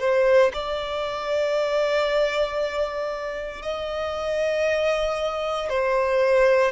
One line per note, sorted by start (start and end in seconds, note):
0.00 0.52 C5
0.54 3.63 D5
3.63 5.69 D#5
5.69 6.72 C5